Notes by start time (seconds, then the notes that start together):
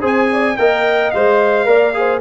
0.00 C4 G#4 C5
0.06 G#5
0.32 D5
0.57 A#3 A#4 D#5 G5
1.11 G#3 C5 F5
1.66 A#3 A#4 D5
1.94 G#4 C5